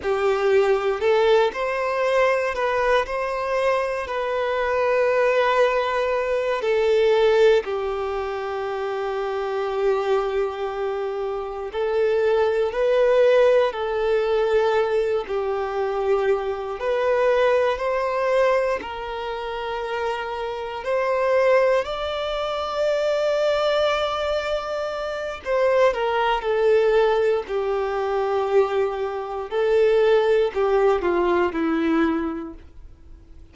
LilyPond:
\new Staff \with { instrumentName = "violin" } { \time 4/4 \tempo 4 = 59 g'4 a'8 c''4 b'8 c''4 | b'2~ b'8 a'4 g'8~ | g'2.~ g'8 a'8~ | a'8 b'4 a'4. g'4~ |
g'8 b'4 c''4 ais'4.~ | ais'8 c''4 d''2~ d''8~ | d''4 c''8 ais'8 a'4 g'4~ | g'4 a'4 g'8 f'8 e'4 | }